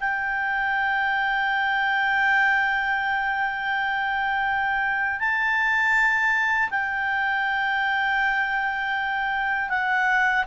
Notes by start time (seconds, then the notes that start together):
0.00 G5
5.20 A5
6.70 G5
9.69 F#5